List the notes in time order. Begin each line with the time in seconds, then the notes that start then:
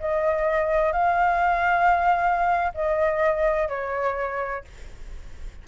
0.00 D#5
0.92 F5
2.74 D#5
3.68 C#5